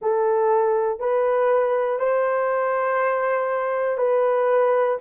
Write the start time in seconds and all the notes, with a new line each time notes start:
0.01 A4
1.00 B4
1.99 C5
3.97 B4